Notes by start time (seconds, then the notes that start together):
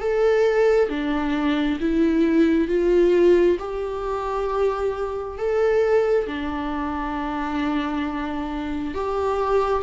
0.00 A4
0.89 D4
1.80 E4
2.68 F4
3.59 G4
5.38 A4
6.27 D4
8.95 G4